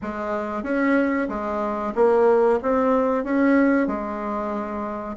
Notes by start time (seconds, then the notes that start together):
0.02 G#3
0.63 C#4
1.28 G#3
1.95 A#3
2.62 C4
3.24 C#4
3.87 G#3